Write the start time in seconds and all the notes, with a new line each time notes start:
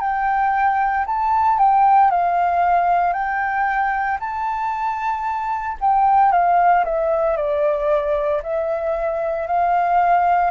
0.00 G5
1.06 A5
1.58 G5
2.11 F5
3.13 G5
4.20 A5
5.80 G5
6.32 F5
6.85 E5
7.36 D5
8.43 E5
9.47 F5